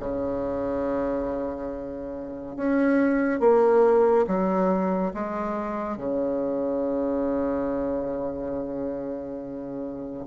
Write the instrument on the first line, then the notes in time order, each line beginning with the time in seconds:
bassoon
0.00 C#3
2.56 C#4
3.40 A#3
4.27 F#3
5.14 G#3
5.97 C#3